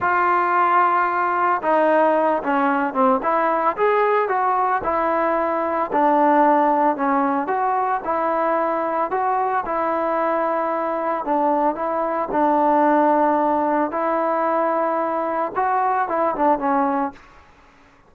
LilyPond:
\new Staff \with { instrumentName = "trombone" } { \time 4/4 \tempo 4 = 112 f'2. dis'4~ | dis'8 cis'4 c'8 e'4 gis'4 | fis'4 e'2 d'4~ | d'4 cis'4 fis'4 e'4~ |
e'4 fis'4 e'2~ | e'4 d'4 e'4 d'4~ | d'2 e'2~ | e'4 fis'4 e'8 d'8 cis'4 | }